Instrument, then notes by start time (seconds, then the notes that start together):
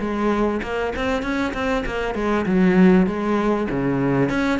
cello
0.00 G#3
0.63 A#3
0.96 C4
1.22 C#4
1.54 C4
1.86 A#3
2.15 G#3
2.46 F#3
3.07 G#3
3.70 C#3
4.30 C#4